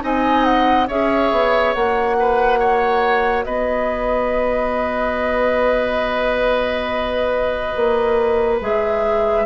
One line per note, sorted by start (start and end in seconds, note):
0.00 0.89 C4
0.00 0.86 D#4
0.00 0.87 D#5
0.00 0.44 G#5
0.44 0.87 F#5
0.87 1.31 C#4
0.87 1.75 G#4
0.87 2.16 C#5
0.87 1.73 E5
1.31 1.74 B3
1.73 3.45 A#3
1.73 8.60 F#4
1.73 3.43 F#5
2.19 2.59 B4
2.59 3.45 C#5
3.43 7.74 B3
3.43 9.45 B4
3.43 8.57 D#5
7.75 8.61 A#3
8.61 9.45 G#3
8.61 9.45 G#4
8.61 9.45 E5